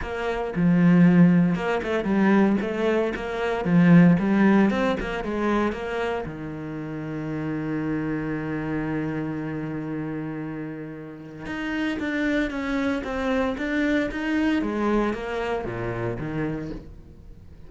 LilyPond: \new Staff \with { instrumentName = "cello" } { \time 4/4 \tempo 4 = 115 ais4 f2 ais8 a8 | g4 a4 ais4 f4 | g4 c'8 ais8 gis4 ais4 | dis1~ |
dis1~ | dis2 dis'4 d'4 | cis'4 c'4 d'4 dis'4 | gis4 ais4 ais,4 dis4 | }